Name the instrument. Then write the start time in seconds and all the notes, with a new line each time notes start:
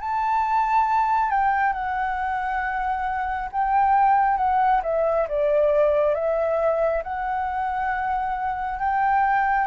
flute
0.00 A5
1.30 G5
1.72 F#5
3.52 G5
4.37 F#5
4.83 E5
5.29 D5
6.14 E5
7.03 F#5
8.79 G5